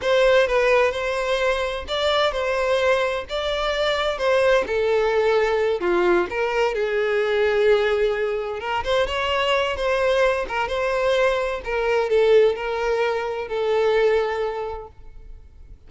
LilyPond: \new Staff \with { instrumentName = "violin" } { \time 4/4 \tempo 4 = 129 c''4 b'4 c''2 | d''4 c''2 d''4~ | d''4 c''4 a'2~ | a'8 f'4 ais'4 gis'4.~ |
gis'2~ gis'8 ais'8 c''8 cis''8~ | cis''4 c''4. ais'8 c''4~ | c''4 ais'4 a'4 ais'4~ | ais'4 a'2. | }